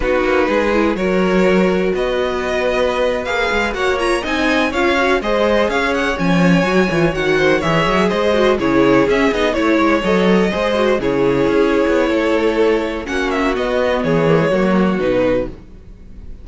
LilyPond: <<
  \new Staff \with { instrumentName = "violin" } { \time 4/4 \tempo 4 = 124 b'2 cis''2 | dis''2~ dis''8. f''4 fis''16~ | fis''16 ais''8 gis''4 f''4 dis''4 f''16~ | f''16 fis''8 gis''2 fis''4 e''16~ |
e''8. dis''4 cis''4 e''8 dis''8 cis''16~ | cis''8. dis''2 cis''4~ cis''16~ | cis''2. fis''8 e''8 | dis''4 cis''2 b'4 | }
  \new Staff \with { instrumentName = "violin" } { \time 4/4 fis'4 gis'4 ais'2 | b'2.~ b'8. cis''16~ | cis''8. dis''4 cis''4 c''4 cis''16~ | cis''2.~ cis''16 c''8 cis''16~ |
cis''8. c''4 gis'2 cis''16~ | cis''4.~ cis''16 c''4 gis'4~ gis'16~ | gis'4 a'2 fis'4~ | fis'4 gis'4 fis'2 | }
  \new Staff \with { instrumentName = "viola" } { \time 4/4 dis'4. e'8 fis'2~ | fis'2~ fis'8. gis'4 fis'16~ | fis'16 f'8 dis'4 f'8 fis'8 gis'4~ gis'16~ | gis'8. cis'4 fis'8 f'8 fis'4 gis'16~ |
gis'4~ gis'16 fis'8 e'4 cis'8 dis'8 e'16~ | e'8. a'4 gis'8 fis'8 e'4~ e'16~ | e'2. cis'4 | b4. ais16 gis16 ais4 dis'4 | }
  \new Staff \with { instrumentName = "cello" } { \time 4/4 b8 ais8 gis4 fis2 | b2~ b8. ais8 gis8 ais16~ | ais8. c'4 cis'4 gis4 cis'16~ | cis'8. f4 fis8 e8 dis4 e16~ |
e16 fis8 gis4 cis4 cis'8 b8 a16~ | a16 gis8 fis4 gis4 cis4 cis'16~ | cis'8 b8 a2 ais4 | b4 e4 fis4 b,4 | }
>>